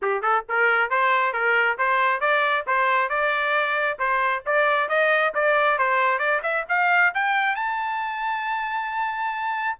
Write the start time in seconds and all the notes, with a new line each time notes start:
0.02 G4
0.21 A4
0.48 A#4
0.90 C5
1.33 A#4
1.78 C5
2.20 D5
2.66 C5
3.09 D5
3.98 C5
4.46 D5
4.88 D#5
5.34 D5
5.78 C5
6.18 D5
6.42 E5
6.68 F5
7.14 G5
7.55 A5